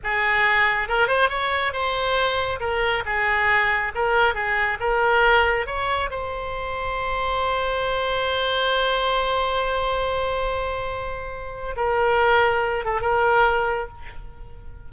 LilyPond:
\new Staff \with { instrumentName = "oboe" } { \time 4/4 \tempo 4 = 138 gis'2 ais'8 c''8 cis''4 | c''2 ais'4 gis'4~ | gis'4 ais'4 gis'4 ais'4~ | ais'4 cis''4 c''2~ |
c''1~ | c''1~ | c''2. ais'4~ | ais'4. a'8 ais'2 | }